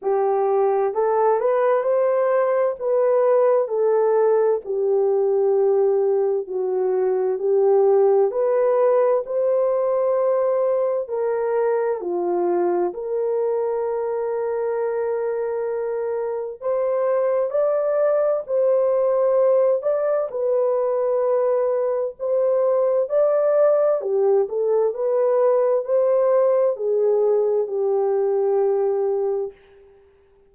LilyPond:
\new Staff \with { instrumentName = "horn" } { \time 4/4 \tempo 4 = 65 g'4 a'8 b'8 c''4 b'4 | a'4 g'2 fis'4 | g'4 b'4 c''2 | ais'4 f'4 ais'2~ |
ais'2 c''4 d''4 | c''4. d''8 b'2 | c''4 d''4 g'8 a'8 b'4 | c''4 gis'4 g'2 | }